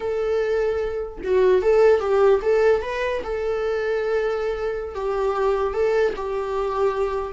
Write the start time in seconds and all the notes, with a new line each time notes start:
0.00 A4
1.24 F#4
1.62 A4
2.00 G4
2.42 A4
2.82 B4
3.23 A4
4.94 G4
5.73 A4
6.16 G4